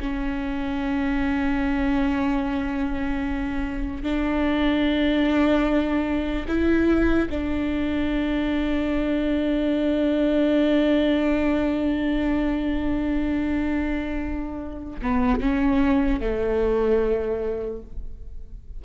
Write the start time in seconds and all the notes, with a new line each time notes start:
0.00 C#4
4.03 D4
6.48 E4
7.30 D4
15.02 B3
15.41 C#4
16.21 A3